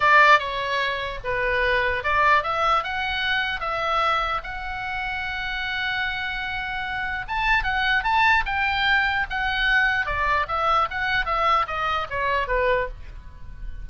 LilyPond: \new Staff \with { instrumentName = "oboe" } { \time 4/4 \tempo 4 = 149 d''4 cis''2 b'4~ | b'4 d''4 e''4 fis''4~ | fis''4 e''2 fis''4~ | fis''1~ |
fis''2 a''4 fis''4 | a''4 g''2 fis''4~ | fis''4 d''4 e''4 fis''4 | e''4 dis''4 cis''4 b'4 | }